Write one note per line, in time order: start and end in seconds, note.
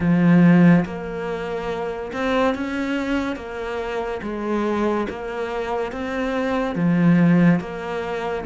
0.00 0.85 F3
0.85 2.12 A#3
2.12 2.55 C4
2.55 3.36 C#4
3.36 4.20 A#3
4.22 5.07 G#3
5.09 5.92 A#3
5.92 6.75 C4
6.75 7.59 F3
7.60 8.44 A#3